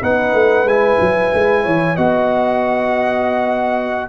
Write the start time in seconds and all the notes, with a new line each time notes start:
0.00 B3 D#4 B4 F#5
0.34 A3
0.65 G#3 E4 G#5
1.00 F#3
1.34 G#3
1.63 E3 C#5
1.96 B3 F#4 D#5 F#5